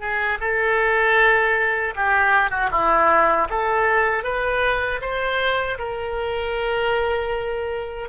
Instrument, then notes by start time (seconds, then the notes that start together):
oboe
0.00 G#4
0.41 A4
1.95 G4
2.50 F#4
2.71 E4
3.50 A4
4.23 B4
5.01 C5
5.78 A#4